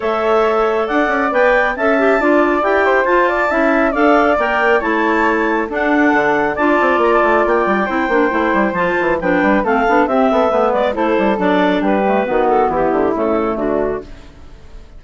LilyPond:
<<
  \new Staff \with { instrumentName = "clarinet" } { \time 4/4 \tempo 4 = 137 e''2 fis''4 g''4 | a''2 g''4 a''4~ | a''4 f''4 g''4 a''4~ | a''4 fis''2 a''4 |
ais''16 a''8. g''2. | a''4 g''4 f''4 e''4~ | e''8 d''8 c''4 d''4 b'4~ | b'8 a'8 g'4 a'4 fis'4 | }
  \new Staff \with { instrumentName = "flute" } { \time 4/4 cis''2 d''2 | e''4 d''4. c''4 d''8 | e''4 d''2 cis''4~ | cis''4 a'2 d''4~ |
d''2 c''2~ | c''4 b'4 a'4 g'8 a'8 | b'4 a'2 g'4 | fis'4 e'2 d'4 | }
  \new Staff \with { instrumentName = "clarinet" } { \time 4/4 a'2. b'4 | a'8 g'8 f'4 g'4 f'4 | e'4 a'4 ais'4 e'4~ | e'4 d'2 f'4~ |
f'2 e'8 d'8 e'4 | f'4 d'4 c'8 d'8 c'4 | b4 e'4 d'4. a8 | b2 a2 | }
  \new Staff \with { instrumentName = "bassoon" } { \time 4/4 a2 d'8 cis'8 b4 | cis'4 d'4 e'4 f'4 | cis'4 d'4 ais4 a4~ | a4 d'4 d4 d'8 c'8 |
ais8 a8 ais8 g8 c'8 ais8 a8 g8 | f8 e8 f8 g8 a8 b8 c'8 b8 | a8 gis8 a8 g8 fis4 g4 | dis4 e8 d8 cis4 d4 | }
>>